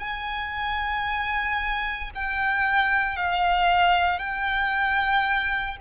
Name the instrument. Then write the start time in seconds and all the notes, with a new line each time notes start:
violin
0.00 G#5
2.15 G5
3.17 F5
4.19 G5